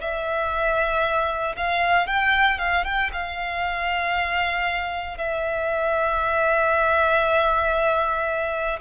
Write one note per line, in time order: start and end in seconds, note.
0.00 1.55 E5
1.56 2.06 F5
2.06 2.58 G5
2.58 2.84 F5
2.84 3.10 G5
3.13 5.17 F5
5.17 8.79 E5